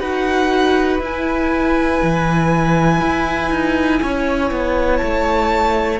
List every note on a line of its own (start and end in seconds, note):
0.00 1.00 D#4
0.00 1.00 F#4
0.00 4.00 B4
0.00 1.00 F#5
1.00 2.00 E4
1.00 6.00 E4
1.00 4.97 G#5
2.03 3.02 E3
3.02 3.51 E4
3.51 4.01 D#4
4.03 4.52 C#4
4.03 6.00 C#5
4.52 5.02 B3
4.97 6.00 A3
4.97 5.97 A5